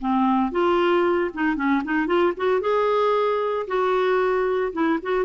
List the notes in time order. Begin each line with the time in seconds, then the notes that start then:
0.00 C4
0.51 F4
1.34 D#4
1.56 C#4
1.84 D#4
2.06 F4
2.37 F#4
2.61 G#4
3.67 F#4
4.72 E4
5.02 F#4